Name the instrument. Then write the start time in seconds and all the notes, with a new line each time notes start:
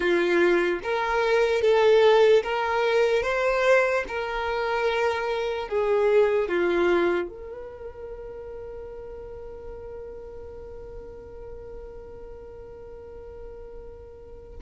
violin
0.00 F4
0.83 A#4
1.61 A4
2.43 A#4
3.22 C5
4.08 A#4
5.68 G#4
6.48 F4
7.28 A#4